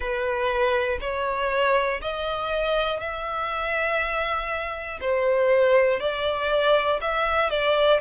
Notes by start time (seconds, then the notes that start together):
0.00 B4
1.00 C#5
2.01 D#5
3.00 E5
5.00 C5
6.00 D5
7.00 E5
7.50 D5